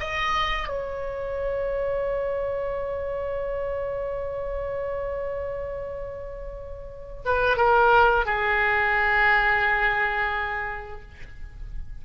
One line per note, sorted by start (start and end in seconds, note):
0.00 0.68 D#5
0.68 7.23 C#5
7.25 7.57 B4
7.57 8.25 A#4
8.25 11.01 G#4